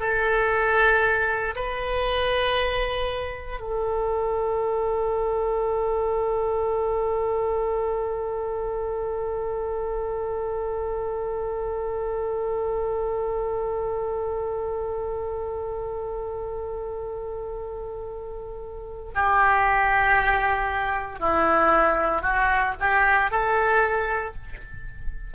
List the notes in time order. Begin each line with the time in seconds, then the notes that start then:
0.00 A4
1.56 B4
3.60 A4
19.15 G4
21.20 E4
22.22 F#4
22.80 G4
23.31 A4